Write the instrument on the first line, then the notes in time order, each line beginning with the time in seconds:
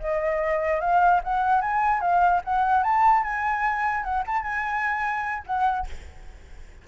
flute
0.00 D#5
0.81 F5
1.24 F#5
1.61 G#5
2.01 F5
2.45 F#5
2.84 A5
3.24 G#5
4.04 F#5
4.27 A5
4.43 G#5
5.47 F#5